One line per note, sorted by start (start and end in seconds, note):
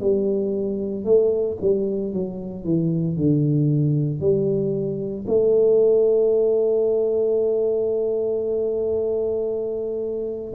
0.00 1.04 G3
1.04 1.57 A3
1.61 2.13 G3
2.13 2.64 F#3
2.64 3.16 E3
3.16 4.20 D3
4.20 5.25 G3
5.27 10.53 A3